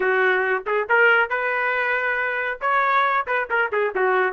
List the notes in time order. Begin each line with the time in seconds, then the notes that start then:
0.00 F#4
0.66 G#4
0.89 A#4
1.29 B4
2.61 C#5
3.26 B4
3.50 A#4
3.72 G#4
3.95 F#4